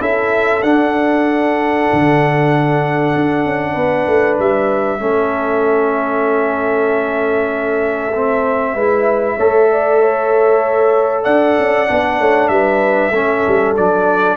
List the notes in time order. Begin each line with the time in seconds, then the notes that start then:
0.00 C#4 E4 A4 E5
0.63 D4 F#5
1.93 D3
3.16 D4
3.46 C#4
3.73 B3 B4
4.07 A3
4.39 G3 E5
5.00 A3 C#4 A4
8.15 C4
8.73 G#3 E4 B4
9.37 A3 A4 C#5
9.72 D5
10.02 C#5
11.24 D4 D5 F#5
11.59 C#4
11.88 B3 D4
12.19 A3 C#5
12.48 G3 B4 E5
13.11 A3 C#4 A4
13.48 G3
13.76 F#3 D4 D5